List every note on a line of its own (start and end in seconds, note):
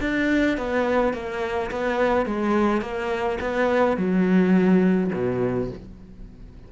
0.00 0.57 D4
0.57 1.13 B3
1.13 1.70 A#3
1.71 2.25 B3
2.25 2.81 G#3
2.81 3.38 A#3
3.41 3.97 B3
3.97 5.11 F#3
5.13 5.70 B2